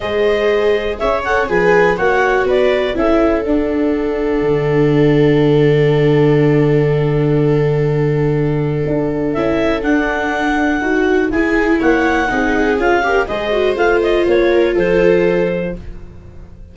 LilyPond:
<<
  \new Staff \with { instrumentName = "clarinet" } { \time 4/4 \tempo 4 = 122 dis''2 e''8 fis''8 gis''4 | fis''4 d''4 e''4 fis''4~ | fis''1~ | fis''1~ |
fis''2. e''4 | fis''2. gis''4 | fis''2 f''4 dis''4 | f''8 dis''8 cis''4 c''2 | }
  \new Staff \with { instrumentName = "viola" } { \time 4/4 c''2 cis''4 b'4 | cis''4 b'4 a'2~ | a'1~ | a'1~ |
a'1~ | a'2. gis'4 | cis''4 gis'4. ais'8 c''4~ | c''4. ais'8 a'2 | }
  \new Staff \with { instrumentName = "viola" } { \time 4/4 gis'2~ gis'8 a'8 gis'4 | fis'2 e'4 d'4~ | d'1~ | d'1~ |
d'2. e'4 | d'2 fis'4 e'4~ | e'4 dis'4 f'8 g'8 gis'8 fis'8 | f'1 | }
  \new Staff \with { instrumentName = "tuba" } { \time 4/4 gis2 cis'4 f4 | ais4 b4 cis'4 d'4~ | d'4 d2.~ | d1~ |
d2 d'4 cis'4 | d'2 dis'4 e'4 | ais4 c'4 cis'4 gis4 | a4 ais4 f2 | }
>>